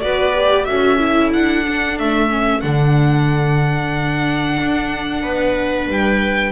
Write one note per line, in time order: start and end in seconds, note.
0.00 0.68 B3
0.00 0.34 F#4
0.00 0.68 B4
0.00 0.65 D5
0.35 0.67 G4
0.65 1.34 C#4
0.65 0.99 F#4
0.65 5.22 A4
0.65 1.30 E5
0.99 1.64 E4
1.33 1.99 D4
1.33 1.98 F#5
1.67 2.29 D4
1.99 2.63 A3
1.99 2.61 E5
2.29 2.62 C#4
2.61 4.59 D3
2.61 6.52 D4
2.61 5.87 F#5
4.60 5.23 D4
5.22 5.88 B3
5.22 6.52 B4
5.88 6.52 G3
5.88 6.52 G5